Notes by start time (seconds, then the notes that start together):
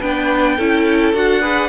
0.00 B3 D4 B4 G5
0.56 C#4 E4 A4
1.13 D4 F#4 F#5
1.41 G#4 B4